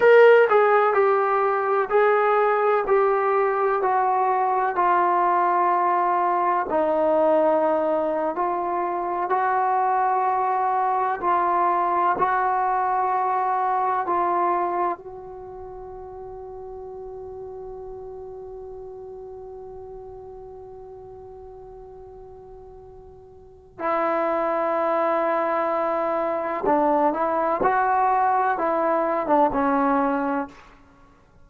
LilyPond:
\new Staff \with { instrumentName = "trombone" } { \time 4/4 \tempo 4 = 63 ais'8 gis'8 g'4 gis'4 g'4 | fis'4 f'2 dis'4~ | dis'8. f'4 fis'2 f'16~ | f'8. fis'2 f'4 fis'16~ |
fis'1~ | fis'1~ | fis'4 e'2. | d'8 e'8 fis'4 e'8. d'16 cis'4 | }